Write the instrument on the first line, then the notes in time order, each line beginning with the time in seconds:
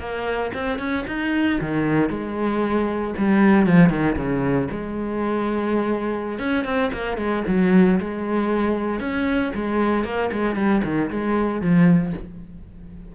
cello
0.00 A#3
0.54 C4
0.79 C#4
1.08 D#4
1.61 D#3
2.10 G#3
3.18 G3
3.67 F3
3.90 D#3
4.16 C#3
4.71 G#3
6.39 C#4
6.65 C4
6.93 A#3
7.17 G#3
7.48 F#3
8.00 G#3
9.00 C#4
9.55 G#3
10.05 A#3
10.32 G#3
10.56 G3
10.84 D#3
11.11 G#3
11.61 F3